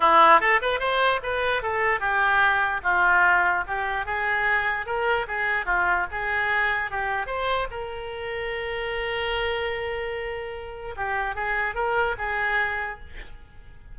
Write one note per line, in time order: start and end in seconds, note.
0.00 0.40 E4
0.40 0.60 A4
0.61 0.79 B4
0.79 1.20 C5
1.22 1.62 B4
1.62 2.00 A4
2.00 2.81 G4
2.83 3.64 F4
3.67 4.05 G4
4.05 4.86 G#4
4.86 5.26 A#4
5.27 5.65 G#4
5.65 6.06 F4
6.11 6.90 G#4
6.90 7.26 G4
7.26 7.67 C5
7.70 10.95 A#4
10.96 11.35 G4
11.35 11.75 G#4
11.75 12.15 A#4
12.18 12.99 G#4